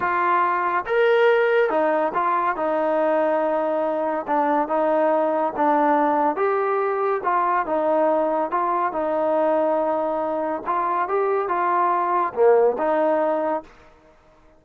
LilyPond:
\new Staff \with { instrumentName = "trombone" } { \time 4/4 \tempo 4 = 141 f'2 ais'2 | dis'4 f'4 dis'2~ | dis'2 d'4 dis'4~ | dis'4 d'2 g'4~ |
g'4 f'4 dis'2 | f'4 dis'2.~ | dis'4 f'4 g'4 f'4~ | f'4 ais4 dis'2 | }